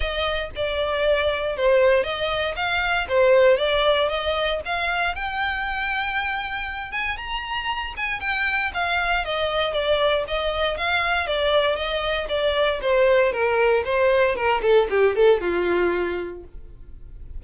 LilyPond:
\new Staff \with { instrumentName = "violin" } { \time 4/4 \tempo 4 = 117 dis''4 d''2 c''4 | dis''4 f''4 c''4 d''4 | dis''4 f''4 g''2~ | g''4. gis''8 ais''4. gis''8 |
g''4 f''4 dis''4 d''4 | dis''4 f''4 d''4 dis''4 | d''4 c''4 ais'4 c''4 | ais'8 a'8 g'8 a'8 f'2 | }